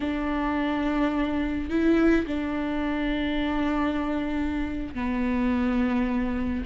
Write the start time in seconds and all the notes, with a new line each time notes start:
0.00 D4
1.69 E4
2.26 D4
4.94 B3